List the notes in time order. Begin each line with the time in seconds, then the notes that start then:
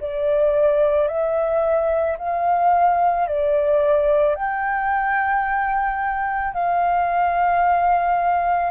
0.00 D5
1.08 E5
2.18 F5
3.27 D5
4.35 G5
6.53 F5